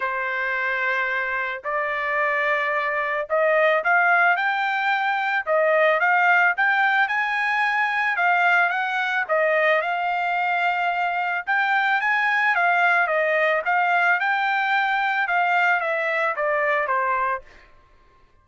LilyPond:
\new Staff \with { instrumentName = "trumpet" } { \time 4/4 \tempo 4 = 110 c''2. d''4~ | d''2 dis''4 f''4 | g''2 dis''4 f''4 | g''4 gis''2 f''4 |
fis''4 dis''4 f''2~ | f''4 g''4 gis''4 f''4 | dis''4 f''4 g''2 | f''4 e''4 d''4 c''4 | }